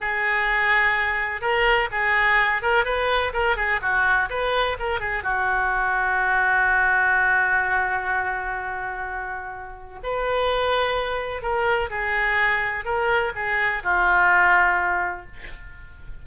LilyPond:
\new Staff \with { instrumentName = "oboe" } { \time 4/4 \tempo 4 = 126 gis'2. ais'4 | gis'4. ais'8 b'4 ais'8 gis'8 | fis'4 b'4 ais'8 gis'8 fis'4~ | fis'1~ |
fis'1~ | fis'4 b'2. | ais'4 gis'2 ais'4 | gis'4 f'2. | }